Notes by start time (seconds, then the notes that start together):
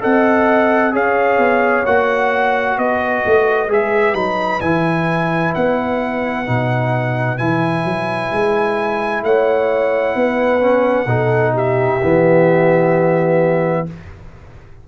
0.00 C4 A4 D#5 F#5
0.92 C#4 G#4 C#5 F5
1.38 B3
1.86 A#3 F#4 F#5
2.78 B3 B4 D#5
3.26 A3
3.69 G#3 G#4 E5
4.14 F#3 D#4 B5
4.61 E3 E4 G#5
5.55 B3 F#5
6.46 B2 D#4
7.38 E3 E4 G#5
7.85 F#3
8.32 G#3
9.23 A3 C#5 F#5
10.15 B3 B4
10.60 C#4
11.06 B2 D#4 A4
11.54 G4 E5
12.02 E3 B3